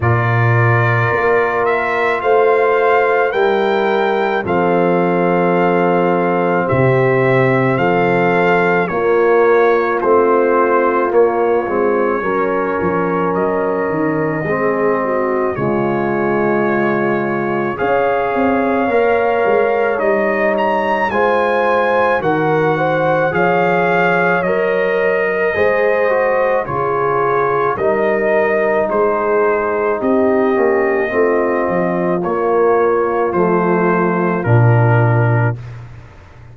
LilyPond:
<<
  \new Staff \with { instrumentName = "trumpet" } { \time 4/4 \tempo 4 = 54 d''4. e''8 f''4 g''4 | f''2 e''4 f''4 | cis''4 c''4 cis''2 | dis''2 cis''2 |
f''2 dis''8 ais''8 gis''4 | fis''4 f''4 dis''2 | cis''4 dis''4 c''4 dis''4~ | dis''4 cis''4 c''4 ais'4 | }
  \new Staff \with { instrumentName = "horn" } { \time 4/4 ais'2 c''4 ais'4 | a'2 g'4 a'4 | f'2. ais'4~ | ais'4 gis'8 fis'8 f'2 |
cis''2. c''4 | ais'8 c''8 cis''4.~ cis''16 ais'16 c''4 | gis'4 ais'4 gis'4 g'4 | f'1 | }
  \new Staff \with { instrumentName = "trombone" } { \time 4/4 f'2. e'4 | c'1 | ais4 c'4 ais8 c'8 cis'4~ | cis'4 c'4 gis2 |
gis'4 ais'4 dis'4 f'4 | fis'4 gis'4 ais'4 gis'8 fis'8 | f'4 dis'2~ dis'8 cis'8 | c'4 ais4 a4 d'4 | }
  \new Staff \with { instrumentName = "tuba" } { \time 4/4 ais,4 ais4 a4 g4 | f2 c4 f4 | ais4 a4 ais8 gis8 fis8 f8 | fis8 dis8 gis4 cis2 |
cis'8 c'8 ais8 gis8 g4 gis4 | dis4 f4 fis4 gis4 | cis4 g4 gis4 c'8 ais8 | a8 f8 ais4 f4 ais,4 | }
>>